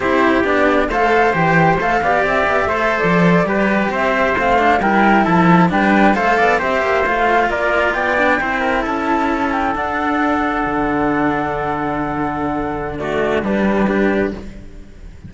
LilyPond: <<
  \new Staff \with { instrumentName = "flute" } { \time 4/4 \tempo 4 = 134 c''4 d''4 f''4 g''4 | f''4 e''4.~ e''16 d''4~ d''16~ | d''8. e''4 f''4 g''4 a''16~ | a''8. g''4 f''4 e''4 f''16~ |
f''8. d''4 g''2 a''16~ | a''4~ a''16 g''8 fis''2~ fis''16~ | fis''1~ | fis''4 d''4 b'2 | }
  \new Staff \with { instrumentName = "trumpet" } { \time 4/4 g'2 c''2~ | c''8 d''4. c''4.~ c''16 b'16~ | b'8. c''2 ais'4 a'16~ | a'8. b'4 c''8 d''8 c''4~ c''16~ |
c''8. ais'4 d''4 c''8 ais'8 a'16~ | a'1~ | a'1~ | a'4 fis'4 d'4 g'4 | }
  \new Staff \with { instrumentName = "cello" } { \time 4/4 e'4 d'4 a'4 g'4 | a'8 g'4. a'4.~ a'16 g'16~ | g'4.~ g'16 c'8 d'8 e'4~ e'16~ | e'8. d'4 a'4 g'4 f'16~ |
f'2~ f'16 d'8 e'4~ e'16~ | e'4.~ e'16 d'2~ d'16~ | d'1~ | d'4 a4 g4 d'4 | }
  \new Staff \with { instrumentName = "cello" } { \time 4/4 c'4 b4 a4 e4 | a8 b8 c'8 b8 a8. f4 g16~ | g8. c'4 a4 g4 f16~ | f8. g4 a8 b8 c'8 ais8 a16~ |
a8. ais4 b4 c'4 cis'16~ | cis'4.~ cis'16 d'2 d16~ | d1~ | d2 g2 | }
>>